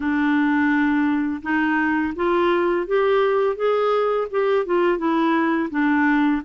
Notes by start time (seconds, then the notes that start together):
0.00 D4
1.42 D#4
2.15 F4
2.86 G4
3.56 G#4
4.31 G4
4.65 F4
4.97 E4
5.70 D4